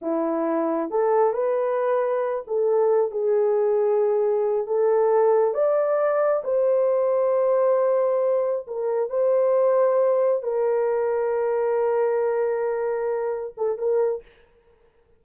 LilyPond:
\new Staff \with { instrumentName = "horn" } { \time 4/4 \tempo 4 = 135 e'2 a'4 b'4~ | b'4. a'4. gis'4~ | gis'2~ gis'8 a'4.~ | a'8 d''2 c''4.~ |
c''2.~ c''8 ais'8~ | ais'8 c''2. ais'8~ | ais'1~ | ais'2~ ais'8 a'8 ais'4 | }